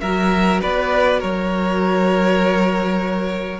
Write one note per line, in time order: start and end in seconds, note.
0.00 0.61 F#3
0.00 3.60 F#4
0.00 0.61 A#4
0.00 0.60 E5
0.61 1.22 B3
0.61 1.20 B4
0.61 1.21 D5
1.20 3.60 F#3
1.20 3.60 A#4
1.20 3.60 C#5